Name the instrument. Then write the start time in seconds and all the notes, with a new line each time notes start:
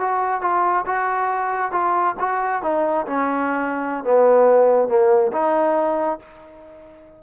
trombone
0.00 F#4
0.42 F4
0.86 F#4
1.72 F4
2.20 F#4
2.62 D#4
3.06 C#4
4.04 B3
4.88 A#3
5.32 D#4